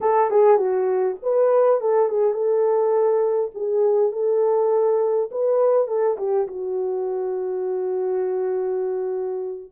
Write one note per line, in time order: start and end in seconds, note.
0.01 0.30 A4
0.30 0.57 G#4
0.57 1.16 F#4
1.22 1.80 B4
1.80 2.09 A4
2.09 2.33 G#4
2.33 3.50 A4
3.54 4.12 G#4
4.12 5.29 A4
5.31 5.87 B4
5.87 6.16 A4
6.17 6.47 G4
6.47 9.71 F#4